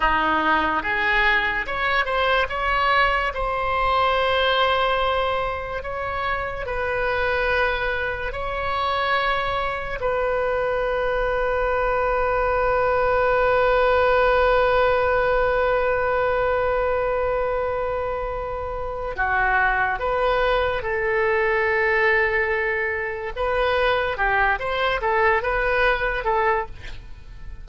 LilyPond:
\new Staff \with { instrumentName = "oboe" } { \time 4/4 \tempo 4 = 72 dis'4 gis'4 cis''8 c''8 cis''4 | c''2. cis''4 | b'2 cis''2 | b'1~ |
b'1~ | b'2. fis'4 | b'4 a'2. | b'4 g'8 c''8 a'8 b'4 a'8 | }